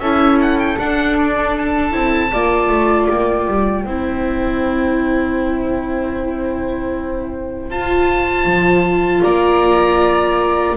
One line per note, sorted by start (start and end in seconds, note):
0.00 0.77 C#4
0.00 0.79 E4
0.00 2.32 A4
0.00 0.38 E5
0.42 0.59 F#5
0.59 0.79 G5
0.79 1.94 D4
0.79 1.91 D4
0.79 1.17 F#5
1.18 1.57 D5
1.59 3.10 A5
1.91 2.32 C4
1.91 2.30 E4
2.32 2.69 A#3
2.32 3.87 F4
2.32 3.85 D5
2.69 3.08 A3
3.10 3.48 A#3
3.10 7.71 G5
3.48 3.86 G3
3.85 7.71 C4
3.85 7.71 E4
3.85 9.23 C5
7.71 8.45 F4
7.71 10.77 F4
7.71 9.24 A5
8.45 9.22 F3
9.23 10.77 A#3
9.23 10.77 D5
9.23 10.77 A#5